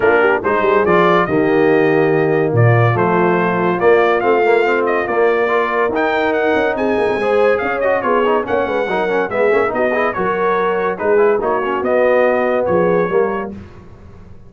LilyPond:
<<
  \new Staff \with { instrumentName = "trumpet" } { \time 4/4 \tempo 4 = 142 ais'4 c''4 d''4 dis''4~ | dis''2 d''4 c''4~ | c''4 d''4 f''4. dis''8 | d''2 g''4 fis''4 |
gis''2 f''8 dis''8 cis''4 | fis''2 e''4 dis''4 | cis''2 b'4 cis''4 | dis''2 cis''2 | }
  \new Staff \with { instrumentName = "horn" } { \time 4/4 f'8 g'8 gis'2 g'4~ | g'2 f'2~ | f'1~ | f'4 ais'2. |
gis'4 c''4 cis''4 gis'4 | cis''8 b'8 ais'4 gis'4 fis'8 gis'8 | ais'2 gis'4 fis'4~ | fis'2 gis'4 ais'4 | }
  \new Staff \with { instrumentName = "trombone" } { \time 4/4 d'4 dis'4 f'4 ais4~ | ais2. a4~ | a4 ais4 c'8 ais8 c'4 | ais4 f'4 dis'2~ |
dis'4 gis'4. fis'8 f'8 dis'8 | cis'4 dis'8 cis'8 b8 cis'8 dis'8 e'8 | fis'2 dis'8 e'8 dis'8 cis'8 | b2. ais4 | }
  \new Staff \with { instrumentName = "tuba" } { \time 4/4 ais4 gis8 g8 f4 dis4~ | dis2 ais,4 f4~ | f4 ais4 a2 | ais2 dis'4. cis'8 |
c'8 ais16 c'16 gis4 cis'4 b4 | ais8 gis8 fis4 gis8 ais8 b4 | fis2 gis4 ais4 | b2 f4 g4 | }
>>